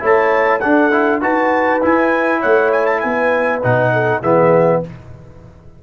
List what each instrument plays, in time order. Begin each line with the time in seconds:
0.00 tuba A3, trombone E4, horn C#5, trumpet A5
0.60 trombone D4, tuba D4, horn A4, trumpet F#5
0.92 trombone E4
1.21 tuba D#4, trombone F#4, horn B4, trumpet A5
1.82 trombone E4, tuba E4, trumpet G#5
2.40 tuba A3, horn C#5, trumpet F#5
2.72 trumpet G#5
2.86 trumpet A5
3.00 tuba B3, horn B4, trumpet G#5
3.62 tuba B2, trombone D#4, trumpet F#5
3.93 horn A4
4.21 tuba E3, trombone B3, horn G#4, trumpet E5